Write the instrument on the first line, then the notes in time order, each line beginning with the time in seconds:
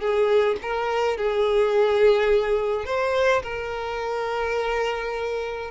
violin
0.00 G#4
0.62 A#4
1.17 G#4
2.85 C5
3.43 A#4